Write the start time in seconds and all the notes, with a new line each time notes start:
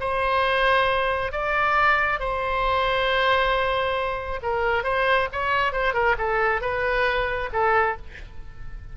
0.00 C5
1.32 D5
2.19 C5
4.42 A#4
4.84 C5
5.32 C#5
5.73 C5
5.94 A#4
6.18 A4
6.61 B4
7.53 A4